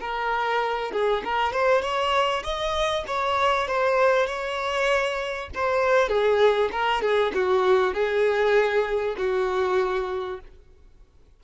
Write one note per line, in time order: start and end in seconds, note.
0.00 0.92 A#4
0.92 1.23 G#4
1.24 1.53 A#4
1.53 1.82 C5
1.82 2.43 C#5
2.44 3.05 D#5
3.07 3.67 C#5
3.67 4.26 C5
4.26 5.49 C#5
5.55 6.09 C5
6.09 6.70 G#4
6.72 7.02 A#4
7.02 7.32 G#4
7.34 7.94 F#4
7.94 9.16 G#4
9.17 10.40 F#4